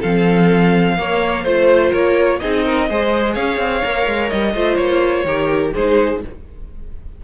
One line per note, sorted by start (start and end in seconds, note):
0.00 0.98 F3
0.00 0.97 C4
0.00 0.95 A4
0.00 1.45 F5
0.97 1.45 A#3
0.97 1.44 A#3
0.97 1.43 C#5
1.43 1.92 A3
1.43 2.41 F4
1.43 1.89 C5
1.43 1.92 C5
1.89 2.40 A#3
1.89 2.37 A#4
1.89 2.39 C#5
2.39 2.90 C4
2.39 2.89 D#4
2.39 2.65 G#4
2.39 3.34 D#5
2.65 2.88 A#4
2.89 3.36 G#3
2.89 3.83 G#4
2.89 3.34 C5
3.34 3.58 C#4
3.34 4.53 C#5
3.34 4.29 F5
3.58 3.81 C4
3.83 4.07 A#3
3.83 4.55 A#4
4.07 4.31 G#3
4.29 4.54 G3
4.29 4.75 D#5
4.53 4.78 A3
4.53 5.26 F4
4.53 5.25 C5
4.75 5.24 A#3
4.75 5.70 C#5
5.24 5.72 D#3
5.24 5.74 G4
5.24 5.73 A#4
5.73 6.24 G#3
5.73 6.24 D#4
5.73 6.21 G#4
5.73 6.22 C5